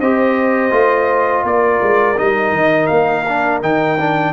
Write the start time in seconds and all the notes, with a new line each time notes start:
0.00 C4 G4 C5 D#5
0.71 A3 F4
1.44 A#3 A#4 D5
1.83 G#3
2.17 G3 D#4 D#5
2.52 D#3
2.87 A#3 F5
3.28 D4
3.62 D#3 D#4 G5
3.99 D4